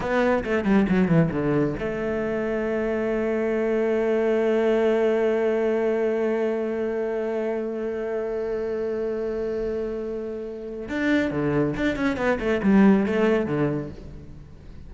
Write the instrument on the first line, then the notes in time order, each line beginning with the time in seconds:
cello
0.00 B3
0.43 A3
0.64 G3
0.88 F#3
1.08 E3
1.31 D3
1.79 A3
10.89 D4
11.30 D3
11.76 D4
11.95 C#4
12.16 B3
12.39 A3
12.62 G3
13.06 A3
13.46 D3